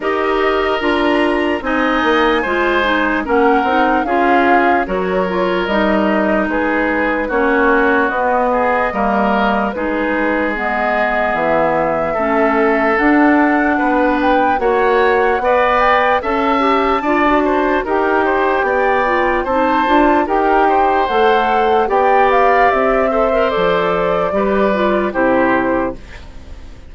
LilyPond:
<<
  \new Staff \with { instrumentName = "flute" } { \time 4/4 \tempo 4 = 74 dis''4 ais''4 gis''2 | fis''4 f''4 cis''4 dis''4 | b'4 cis''4 dis''2 | b'4 dis''4 e''2 |
fis''4. g''8 fis''4. g''8 | a''2 g''2 | a''4 g''4 fis''4 g''8 f''8 | e''4 d''2 c''4 | }
  \new Staff \with { instrumentName = "oboe" } { \time 4/4 ais'2 dis''4 c''4 | ais'4 gis'4 ais'2 | gis'4 fis'4. gis'8 ais'4 | gis'2. a'4~ |
a'4 b'4 cis''4 d''4 | e''4 d''8 c''8 ais'8 c''8 d''4 | c''4 ais'8 c''4. d''4~ | d''8 c''4. b'4 g'4 | }
  \new Staff \with { instrumentName = "clarinet" } { \time 4/4 g'4 f'4 dis'4 f'8 dis'8 | cis'8 dis'8 f'4 fis'8 f'8 dis'4~ | dis'4 cis'4 b4 ais4 | dis'4 b2 cis'4 |
d'2 fis'4 b'4 | a'8 g'8 f'16 fis'8. g'4. f'8 | dis'8 f'8 g'4 a'4 g'4~ | g'8 a'16 ais'16 a'4 g'8 f'8 e'4 | }
  \new Staff \with { instrumentName = "bassoon" } { \time 4/4 dis'4 d'4 c'8 ais8 gis4 | ais8 c'8 cis'4 fis4 g4 | gis4 ais4 b4 g4 | gis2 e4 a4 |
d'4 b4 ais4 b4 | cis'4 d'4 dis'4 b4 | c'8 d'8 dis'4 a4 b4 | c'4 f4 g4 c4 | }
>>